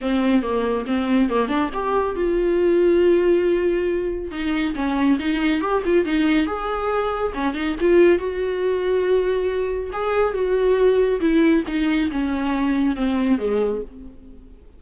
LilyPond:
\new Staff \with { instrumentName = "viola" } { \time 4/4 \tempo 4 = 139 c'4 ais4 c'4 ais8 d'8 | g'4 f'2.~ | f'2 dis'4 cis'4 | dis'4 g'8 f'8 dis'4 gis'4~ |
gis'4 cis'8 dis'8 f'4 fis'4~ | fis'2. gis'4 | fis'2 e'4 dis'4 | cis'2 c'4 gis4 | }